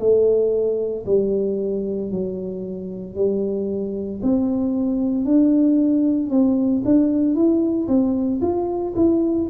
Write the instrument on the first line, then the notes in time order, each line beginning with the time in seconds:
tuba
0.00 A3
1.06 G3
2.11 F#3
3.16 G3
4.23 C4
5.25 D4
6.30 C4
6.85 D4
7.35 E4
7.89 C4
8.42 F4
8.96 E4